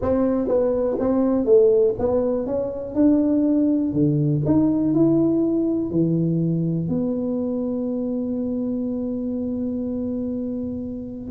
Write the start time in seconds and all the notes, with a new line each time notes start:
0.01 C4
0.47 B3
0.99 C4
1.45 A3
1.99 B3
2.46 C#4
2.95 D4
3.92 D3
4.45 D#4
4.93 E4
5.90 E3
6.88 B3